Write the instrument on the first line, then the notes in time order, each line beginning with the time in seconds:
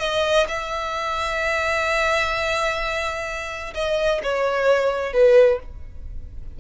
violin
0.00 D#5
0.48 E5
3.74 D#5
4.23 C#5
5.13 B4